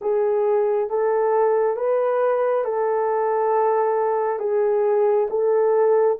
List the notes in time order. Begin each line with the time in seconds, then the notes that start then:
0.01 G#4
0.89 A4
1.76 B4
2.64 A4
4.39 G#4
5.29 A4